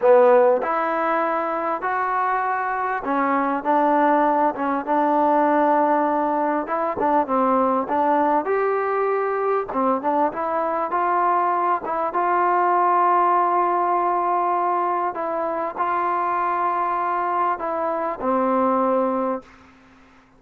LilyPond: \new Staff \with { instrumentName = "trombone" } { \time 4/4 \tempo 4 = 99 b4 e'2 fis'4~ | fis'4 cis'4 d'4. cis'8 | d'2. e'8 d'8 | c'4 d'4 g'2 |
c'8 d'8 e'4 f'4. e'8 | f'1~ | f'4 e'4 f'2~ | f'4 e'4 c'2 | }